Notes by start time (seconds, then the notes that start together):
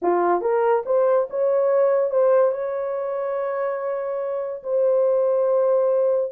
0.02 F4
0.41 A#4
0.85 C5
1.29 C#5
2.10 C5
2.51 C#5
4.63 C5